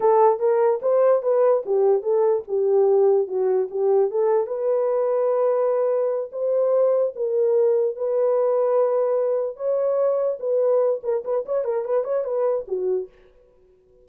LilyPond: \new Staff \with { instrumentName = "horn" } { \time 4/4 \tempo 4 = 147 a'4 ais'4 c''4 b'4 | g'4 a'4 g'2 | fis'4 g'4 a'4 b'4~ | b'2.~ b'8 c''8~ |
c''4. ais'2 b'8~ | b'2.~ b'8 cis''8~ | cis''4. b'4. ais'8 b'8 | cis''8 ais'8 b'8 cis''8 b'4 fis'4 | }